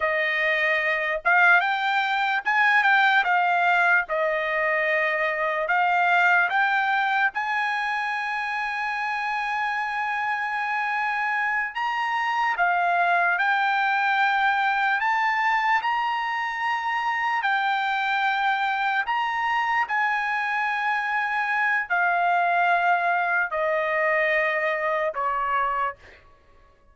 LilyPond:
\new Staff \with { instrumentName = "trumpet" } { \time 4/4 \tempo 4 = 74 dis''4. f''8 g''4 gis''8 g''8 | f''4 dis''2 f''4 | g''4 gis''2.~ | gis''2~ gis''8 ais''4 f''8~ |
f''8 g''2 a''4 ais''8~ | ais''4. g''2 ais''8~ | ais''8 gis''2~ gis''8 f''4~ | f''4 dis''2 cis''4 | }